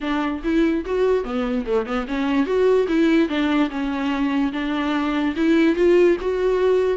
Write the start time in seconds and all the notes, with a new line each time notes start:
0.00 D4
0.43 E4
0.85 F#4
1.23 B3
1.66 A3
1.85 B3
2.07 C#4
2.45 F#4
2.88 E4
3.28 D4
3.70 C#4
4.52 D4
5.36 E4
5.75 F4
6.20 F#4